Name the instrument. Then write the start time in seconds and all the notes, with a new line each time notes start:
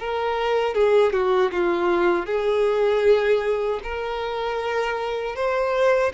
violin
0.00 A#4
0.75 G#4
1.13 F#4
1.52 F4
2.27 G#4
3.84 A#4
5.36 C5